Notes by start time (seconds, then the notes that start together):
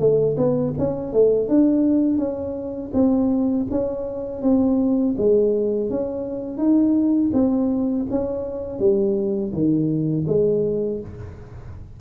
0.00 A3
0.38 B3
0.79 C#4
1.13 A3
1.49 D4
2.19 C#4
2.94 C4
3.71 C#4
4.42 C4
5.18 G#3
5.90 C#4
6.58 D#4
7.33 C4
8.11 C#4
8.80 G3
9.53 D#3
10.28 G#3